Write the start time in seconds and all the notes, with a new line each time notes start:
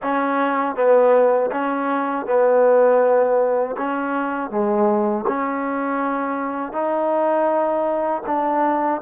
0.02 C#4
0.75 B3
1.51 C#4
2.26 B3
3.77 C#4
4.50 G#3
5.27 C#4
6.72 D#4
8.26 D4